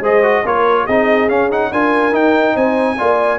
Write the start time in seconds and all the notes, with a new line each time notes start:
0.00 G#3 G#4 C5 D#5
0.22 F#4
0.44 A#3 F4 A#4 C#5
0.84 C4 D#4 G#4 D#5
1.29 C#4 F5
1.51 D#4 F#5
1.71 D4 F4 A#4 G#5
2.12 D#4 G5
2.55 C4 C5 G#5
2.98 A#3 F4 D5